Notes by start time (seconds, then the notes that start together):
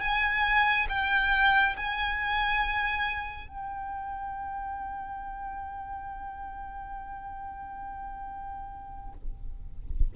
0.00 G#5
0.89 G5
1.76 G#5
3.48 G5